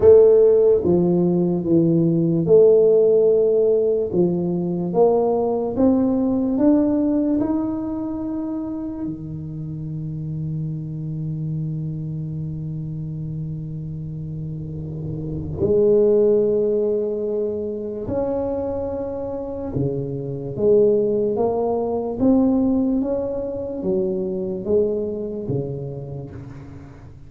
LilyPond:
\new Staff \with { instrumentName = "tuba" } { \time 4/4 \tempo 4 = 73 a4 f4 e4 a4~ | a4 f4 ais4 c'4 | d'4 dis'2 dis4~ | dis1~ |
dis2. gis4~ | gis2 cis'2 | cis4 gis4 ais4 c'4 | cis'4 fis4 gis4 cis4 | }